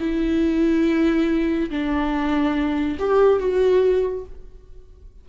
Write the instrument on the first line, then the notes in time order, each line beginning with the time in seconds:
viola
0.00 E4
1.70 D4
2.99 G4
3.40 F#4